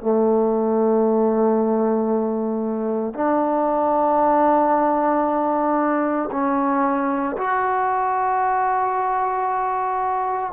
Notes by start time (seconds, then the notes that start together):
0.00 A3
3.14 D4
6.32 C#4
7.38 F#4